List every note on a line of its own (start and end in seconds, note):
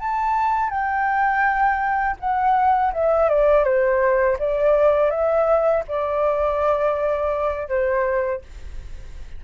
0.00 0.70 A5
0.70 2.17 G5
2.20 2.93 F#5
2.94 3.30 E5
3.30 3.64 D5
3.64 4.37 C5
4.39 5.11 D5
5.11 5.84 E5
5.88 7.69 D5
7.69 8.42 C5